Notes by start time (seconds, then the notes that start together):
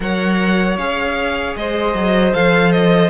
0.00 F#3 A#4 C#5 F#5
0.77 C#4 G#4 F5
1.56 G#3 C5 D#5
1.94 F#3
2.33 F3 A4 F5
2.71 D#5